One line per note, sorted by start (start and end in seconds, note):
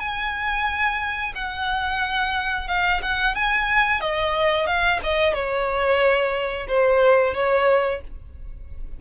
0.00 1.33 G#5
1.35 2.68 F#5
2.68 3.02 F5
3.03 3.36 F#5
3.36 4.01 G#5
4.01 4.67 D#5
4.67 5.00 F5
5.04 5.34 D#5
5.34 6.68 C#5
6.68 7.35 C5
7.35 8.01 C#5